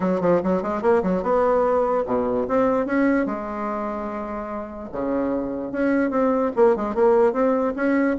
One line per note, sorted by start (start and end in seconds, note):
0.00 0.20 F#3
0.21 0.41 F3
0.43 0.62 F#3
0.62 0.81 G#3
0.81 1.02 A#3
1.02 1.22 F#3
1.22 2.04 B3
2.05 2.46 B2
2.47 2.86 C4
2.86 3.25 C#4
3.25 4.89 G#3
4.92 5.72 C#3
5.72 6.10 C#4
6.10 6.51 C4
6.55 6.76 A#3
6.76 6.94 G#3
6.94 7.32 A#3
7.32 7.73 C4
7.76 8.16 C#4